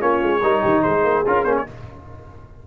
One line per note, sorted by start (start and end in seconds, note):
0.00 0.22 A#3
0.00 0.41 C#4
0.00 0.41 F4
0.00 0.83 C#5
0.23 0.43 G#3
0.42 0.63 G3
0.42 1.26 D#4
0.42 0.62 A#4
0.62 0.85 D#3
0.62 0.83 G4
0.83 1.04 G#3
0.83 1.66 G#4
0.83 1.24 C5
1.04 1.25 A#3
1.27 1.45 C#4
1.27 1.46 F4
1.27 1.44 A#4
1.44 1.65 A#3
1.44 1.67 C#4
1.44 1.55 C5
1.57 1.67 C#5